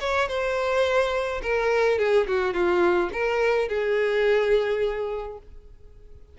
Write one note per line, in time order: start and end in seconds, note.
0.00 0.28 C#5
0.28 1.41 C5
1.42 1.98 A#4
1.98 2.27 G#4
2.27 2.53 F#4
2.53 3.10 F4
3.13 3.68 A#4
3.68 5.38 G#4